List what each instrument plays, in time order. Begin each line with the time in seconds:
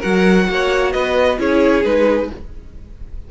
0.00 cello F#3, viola F#4, violin A#4 F#5
0.49 cello A#3, violin C#5
0.93 cello B3, violin B4 D#5
1.39 cello C#4, viola E4, violin G#4 C#5
1.85 cello G#3, viola D#4, violin B4